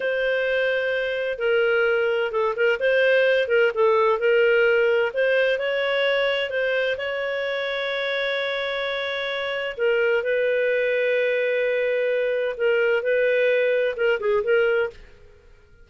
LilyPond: \new Staff \with { instrumentName = "clarinet" } { \time 4/4 \tempo 4 = 129 c''2. ais'4~ | ais'4 a'8 ais'8 c''4. ais'8 | a'4 ais'2 c''4 | cis''2 c''4 cis''4~ |
cis''1~ | cis''4 ais'4 b'2~ | b'2. ais'4 | b'2 ais'8 gis'8 ais'4 | }